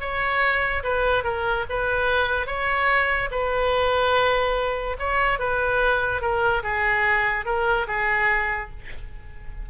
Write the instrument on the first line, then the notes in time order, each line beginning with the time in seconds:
oboe
0.00 C#5
0.83 B4
1.24 A#4
1.69 B4
2.46 C#5
3.31 B4
4.99 C#5
5.39 B4
6.21 A#4
6.63 G#4
7.45 A#4
7.87 G#4